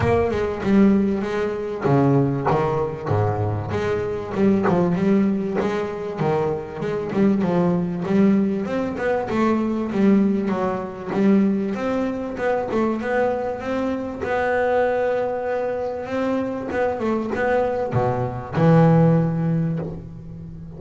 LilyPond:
\new Staff \with { instrumentName = "double bass" } { \time 4/4 \tempo 4 = 97 ais8 gis8 g4 gis4 cis4 | dis4 gis,4 gis4 g8 f8 | g4 gis4 dis4 gis8 g8 | f4 g4 c'8 b8 a4 |
g4 fis4 g4 c'4 | b8 a8 b4 c'4 b4~ | b2 c'4 b8 a8 | b4 b,4 e2 | }